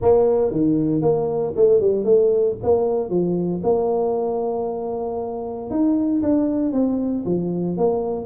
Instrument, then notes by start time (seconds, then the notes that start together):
tuba
0.01 A#3
0.51 D#3
1.01 A#3
1.56 A3
1.80 G3
2.04 A3
2.63 A#3
3.09 F3
3.63 A#3
5.70 D#4
6.22 D4
6.72 C4
7.25 F3
7.77 A#3